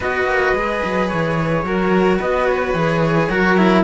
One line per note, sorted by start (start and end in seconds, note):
0.00 0.25 B3
0.00 0.55 F#4
0.00 1.64 B4
0.00 1.07 D#5
0.25 0.53 A#3
0.54 0.81 G#3
0.54 1.65 G#4
0.83 1.11 F#3
1.07 1.63 E3
1.07 2.18 C#5
1.63 2.18 F#3
1.63 2.75 F#4
1.63 2.18 A#4
2.18 2.73 B3
2.18 3.28 B4
2.18 2.45 D#5
2.45 3.83 C#5
2.73 3.28 E3
2.73 3.30 G#4
3.29 3.84 F#3
3.29 3.57 F#4
3.29 3.84 A#4
3.57 3.84 E4